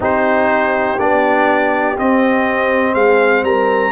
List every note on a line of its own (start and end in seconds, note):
0.00 0.97 C4
0.00 0.98 D#4
0.00 2.94 G4
0.00 0.99 C5
0.98 1.97 B3
0.98 1.96 D4
0.98 1.97 D5
1.98 3.91 C4
1.98 2.94 C4
1.98 2.94 D#5
2.94 3.42 G#3
2.94 3.44 G#4
2.94 3.43 F5
3.42 3.91 G3
3.42 3.91 A#4
3.42 3.91 A#5